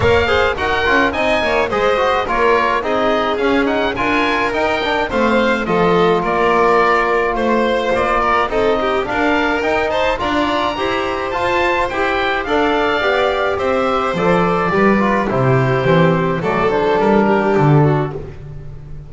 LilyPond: <<
  \new Staff \with { instrumentName = "oboe" } { \time 4/4 \tempo 4 = 106 f''4 fis''4 gis''4 dis''4 | cis''4 dis''4 f''8 fis''8 gis''4 | g''4 f''4 dis''4 d''4~ | d''4 c''4 d''4 dis''4 |
f''4 g''8 a''8 ais''2 | a''4 g''4 f''2 | e''4 d''2 c''4~ | c''4 d''8 c''8 ais'4 a'4 | }
  \new Staff \with { instrumentName = "violin" } { \time 4/4 cis''8 c''8 ais'4 dis''8 cis''8 c''4 | ais'4 gis'2 ais'4~ | ais'4 c''4 a'4 ais'4~ | ais'4 c''4. ais'8 a'8 g'8 |
ais'4. c''8 d''4 c''4~ | c''2 d''2 | c''2 b'4 g'4~ | g'4 a'4. g'4 fis'8 | }
  \new Staff \with { instrumentName = "trombone" } { \time 4/4 ais'8 gis'8 fis'8 f'8 dis'4 gis'8 fis'8 | f'4 dis'4 cis'8 dis'8 f'4 | dis'8 d'8 c'4 f'2~ | f'2. dis'4 |
d'4 dis'4 f'4 g'4 | f'4 g'4 a'4 g'4~ | g'4 a'4 g'8 f'8 e'4 | c'4 a8 d'2~ d'8 | }
  \new Staff \with { instrumentName = "double bass" } { \time 4/4 ais4 dis'8 cis'8 c'8 ais8 gis4 | ais4 c'4 cis'4 d'4 | dis'4 a4 f4 ais4~ | ais4 a4 ais4 c'4 |
d'4 dis'4 d'4 e'4 | f'4 e'4 d'4 b4 | c'4 f4 g4 c4 | e4 fis4 g4 d4 | }
>>